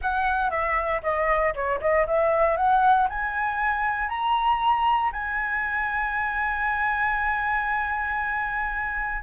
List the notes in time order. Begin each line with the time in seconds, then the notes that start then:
0.01 F#5
0.50 E5
1.02 D#5
1.54 C#5
1.81 D#5
2.07 E5
2.56 F#5
3.09 G#5
4.08 A#5
5.12 G#5